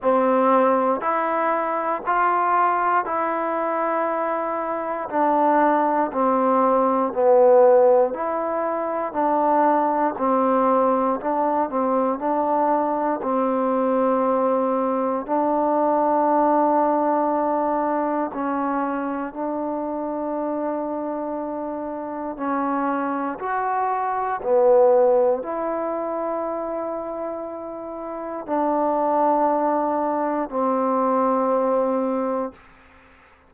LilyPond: \new Staff \with { instrumentName = "trombone" } { \time 4/4 \tempo 4 = 59 c'4 e'4 f'4 e'4~ | e'4 d'4 c'4 b4 | e'4 d'4 c'4 d'8 c'8 | d'4 c'2 d'4~ |
d'2 cis'4 d'4~ | d'2 cis'4 fis'4 | b4 e'2. | d'2 c'2 | }